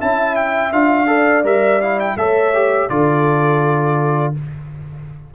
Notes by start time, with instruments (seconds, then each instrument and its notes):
0.00 tuba C#4, trombone E4, horn E5, trumpet A5
0.36 trumpet G5
0.73 tuba D4, trombone F4, trumpet F5
1.08 trombone A4, horn D5
1.44 tuba G3, trombone A#4, trumpet E5
1.82 trombone E4, trumpet F5
2.00 trumpet G5
2.17 tuba A3, trombone A4, horn C#5, trumpet E5
2.55 trombone G4
2.90 tuba D3, trombone F4, horn A4, trumpet D5